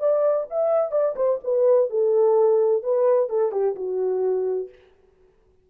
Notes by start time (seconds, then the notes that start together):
0.00 D5
0.50 E5
0.92 D5
1.16 C5
1.44 B4
1.90 A4
2.83 B4
3.30 A4
3.52 G4
3.76 F#4